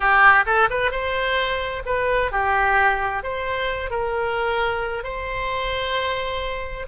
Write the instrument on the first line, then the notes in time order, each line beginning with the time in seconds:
oboe
0.00 G4
0.46 A4
0.70 B4
0.91 C5
1.85 B4
2.31 G4
3.23 C5
3.90 A#4
5.03 C5